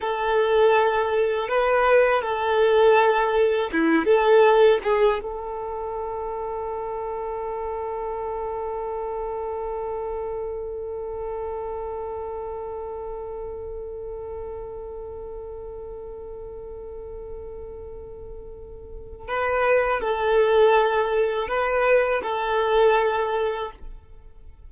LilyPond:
\new Staff \with { instrumentName = "violin" } { \time 4/4 \tempo 4 = 81 a'2 b'4 a'4~ | a'4 e'8 a'4 gis'8 a'4~ | a'1~ | a'1~ |
a'1~ | a'1~ | a'2 b'4 a'4~ | a'4 b'4 a'2 | }